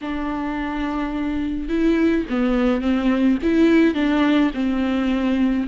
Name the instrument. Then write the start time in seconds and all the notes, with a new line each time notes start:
viola
0.01 D4
1.69 E4
2.29 B3
2.81 C4
3.42 E4
3.94 D4
4.54 C4